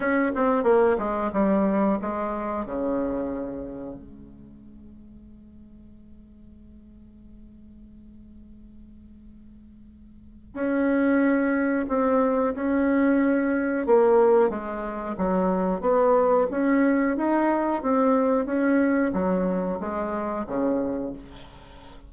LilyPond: \new Staff \with { instrumentName = "bassoon" } { \time 4/4 \tempo 4 = 91 cis'8 c'8 ais8 gis8 g4 gis4 | cis2 gis2~ | gis1~ | gis1 |
cis'2 c'4 cis'4~ | cis'4 ais4 gis4 fis4 | b4 cis'4 dis'4 c'4 | cis'4 fis4 gis4 cis4 | }